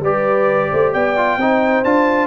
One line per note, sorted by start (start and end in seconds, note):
0.00 0.69 G3
0.00 1.16 G4
0.00 0.70 B4
0.00 0.93 D5
0.70 0.94 A3
0.70 0.92 C5
0.92 1.37 B3
0.92 1.38 D5
0.92 1.84 G5
1.16 1.39 F4
1.37 1.83 C4
1.37 1.85 D#4
1.37 2.27 C5
1.84 2.27 D4
1.84 2.27 F4
1.84 2.27 A5